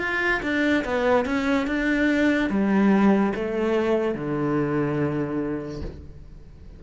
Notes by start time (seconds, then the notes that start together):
0.00 F4
0.43 D4
0.85 B3
1.26 C#4
1.67 D4
2.50 G3
3.36 A3
4.15 D3